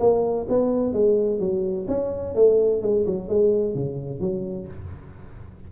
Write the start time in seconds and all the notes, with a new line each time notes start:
0.00 A#3
0.49 B3
0.93 G#3
1.39 F#3
1.88 C#4
2.35 A3
2.82 G#3
3.06 F#3
3.29 G#3
3.75 C#3
4.20 F#3